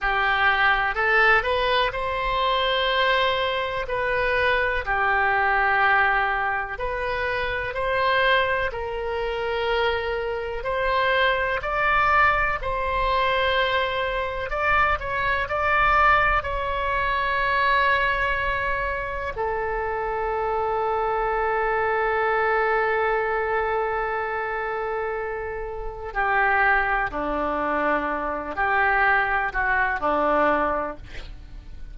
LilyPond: \new Staff \with { instrumentName = "oboe" } { \time 4/4 \tempo 4 = 62 g'4 a'8 b'8 c''2 | b'4 g'2 b'4 | c''4 ais'2 c''4 | d''4 c''2 d''8 cis''8 |
d''4 cis''2. | a'1~ | a'2. g'4 | d'4. g'4 fis'8 d'4 | }